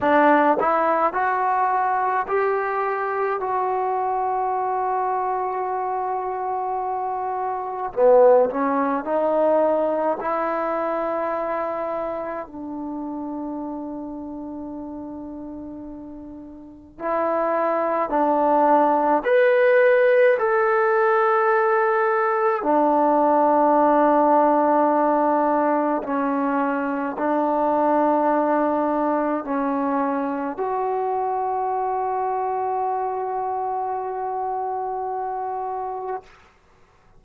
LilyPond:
\new Staff \with { instrumentName = "trombone" } { \time 4/4 \tempo 4 = 53 d'8 e'8 fis'4 g'4 fis'4~ | fis'2. b8 cis'8 | dis'4 e'2 d'4~ | d'2. e'4 |
d'4 b'4 a'2 | d'2. cis'4 | d'2 cis'4 fis'4~ | fis'1 | }